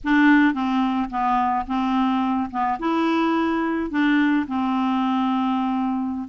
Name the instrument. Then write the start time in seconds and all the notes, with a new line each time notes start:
clarinet
0.04 D4
0.54 C4
1.10 B3
1.66 C4
2.50 B3
2.79 E4
3.90 D4
4.47 C4